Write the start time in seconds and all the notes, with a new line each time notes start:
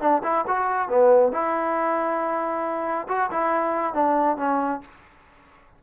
0.00 D4
0.23 E4
0.47 F#4
0.88 B3
1.32 E4
3.08 F#4
3.31 E4
3.93 D4
4.37 C#4